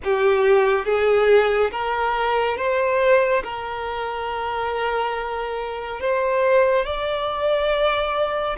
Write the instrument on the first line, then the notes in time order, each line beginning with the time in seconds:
violin
0.04 G4
0.85 G#4
1.71 A#4
2.57 C5
3.43 A#4
6.00 C5
6.85 D5